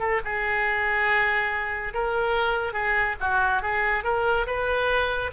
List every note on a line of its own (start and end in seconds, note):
0.00 0.21 A4
0.25 1.94 G#4
1.94 2.73 A#4
2.73 3.16 G#4
3.21 3.63 F#4
3.63 4.04 G#4
4.04 4.46 A#4
4.47 5.31 B4